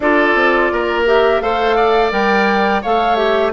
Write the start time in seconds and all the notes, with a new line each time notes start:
0.00 D4 F4 A4 D5
0.34 C4
0.72 A#3 A#4
1.06 G4 E5
1.40 A3 A4 C5 F5
1.76 D5
2.10 G3 A#4 G5
2.81 A3 A4 C#5 F5
3.15 G4 E5